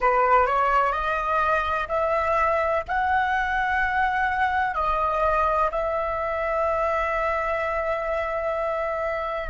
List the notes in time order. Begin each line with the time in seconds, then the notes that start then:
0.00 B4
0.46 C#5
0.92 D#5
1.88 E5
2.87 F#5
4.74 D#5
5.71 E5